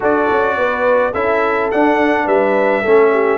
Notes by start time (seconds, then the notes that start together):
0.00 D4 F#4 A4 D5
0.30 C#4
0.57 B3 B4
1.12 C#4 E4 A4 E5
1.71 D4 F#5
2.24 G3 B4 E5
2.81 A3 C#4 A4
3.12 G4